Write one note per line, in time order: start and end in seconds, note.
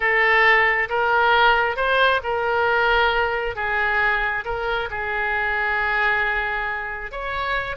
0.00 0.88 A4
0.89 1.76 A#4
1.76 2.20 C5
2.23 3.55 A#4
3.55 4.44 G#4
4.44 4.89 A#4
4.90 7.11 G#4
7.11 7.76 C#5